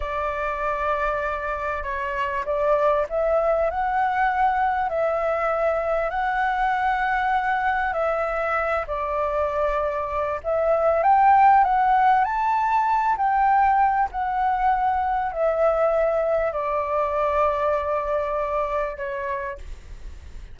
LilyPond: \new Staff \with { instrumentName = "flute" } { \time 4/4 \tempo 4 = 98 d''2. cis''4 | d''4 e''4 fis''2 | e''2 fis''2~ | fis''4 e''4. d''4.~ |
d''4 e''4 g''4 fis''4 | a''4. g''4. fis''4~ | fis''4 e''2 d''4~ | d''2. cis''4 | }